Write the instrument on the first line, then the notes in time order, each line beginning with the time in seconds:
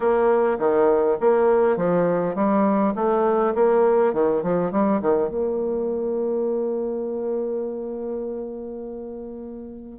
bassoon
0.00 A#3
0.59 D#3
1.20 A#3
1.76 F3
2.35 G3
2.95 A3
3.54 A#3
4.13 D#3
4.42 F3
4.71 G3
5.01 D#3
5.28 A#3